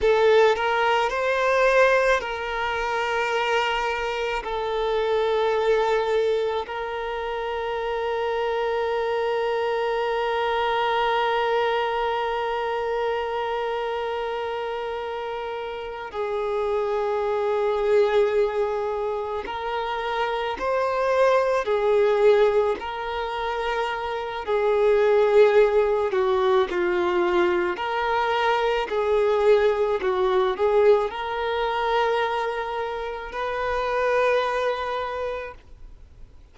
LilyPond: \new Staff \with { instrumentName = "violin" } { \time 4/4 \tempo 4 = 54 a'8 ais'8 c''4 ais'2 | a'2 ais'2~ | ais'1~ | ais'2~ ais'8 gis'4.~ |
gis'4. ais'4 c''4 gis'8~ | gis'8 ais'4. gis'4. fis'8 | f'4 ais'4 gis'4 fis'8 gis'8 | ais'2 b'2 | }